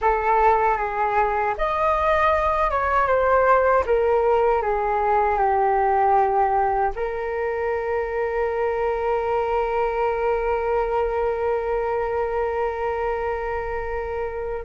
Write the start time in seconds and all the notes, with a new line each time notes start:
0.01 A4
0.77 G#4
1.57 D#5
2.70 C#5
3.07 C5
3.86 A#4
4.62 G#4
5.38 G4
6.95 A#4